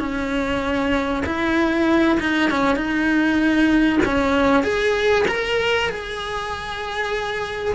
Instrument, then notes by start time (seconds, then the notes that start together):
cello
0.00 C#4
1.26 E4
2.20 D#4
2.51 C#4
2.76 D#4
4.05 C#4
4.64 G#4
5.29 A#4
5.90 G#4